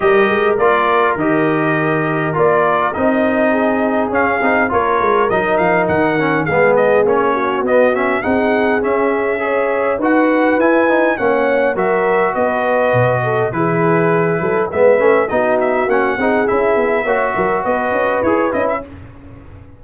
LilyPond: <<
  \new Staff \with { instrumentName = "trumpet" } { \time 4/4 \tempo 4 = 102 dis''4 d''4 dis''2 | d''4 dis''2 f''4 | cis''4 dis''8 f''8 fis''4 f''8 dis''8 | cis''4 dis''8 e''8 fis''4 e''4~ |
e''4 fis''4 gis''4 fis''4 | e''4 dis''2 b'4~ | b'4 e''4 dis''8 e''8 fis''4 | e''2 dis''4 cis''8 dis''16 e''16 | }
  \new Staff \with { instrumentName = "horn" } { \time 4/4 ais'1~ | ais'2 gis'2 | ais'2. gis'4~ | gis'8 fis'4. gis'2 |
cis''4 b'2 cis''4 | ais'4 b'4. a'8 gis'4~ | gis'8 a'8 b'4 fis'4. gis'8~ | gis'4 cis''8 ais'8 b'2 | }
  \new Staff \with { instrumentName = "trombone" } { \time 4/4 g'4 f'4 g'2 | f'4 dis'2 cis'8 dis'8 | f'4 dis'4. cis'8 b4 | cis'4 b8 cis'8 dis'4 cis'4 |
gis'4 fis'4 e'8 dis'8 cis'4 | fis'2. e'4~ | e'4 b8 cis'8 dis'4 cis'8 dis'8 | e'4 fis'2 gis'8 e'8 | }
  \new Staff \with { instrumentName = "tuba" } { \time 4/4 g8 gis8 ais4 dis2 | ais4 c'2 cis'8 c'8 | ais8 gis8 fis8 f8 dis4 gis4 | ais4 b4 c'4 cis'4~ |
cis'4 dis'4 e'4 ais4 | fis4 b4 b,4 e4~ | e8 fis8 gis8 a8 b4 ais8 c'8 | cis'8 b8 ais8 fis8 b8 cis'8 e'8 cis'8 | }
>>